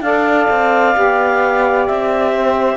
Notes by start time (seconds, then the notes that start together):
0.00 D4 A4 D5 F5
0.49 C4
0.94 B3 G4
1.86 C4 E5
2.34 C5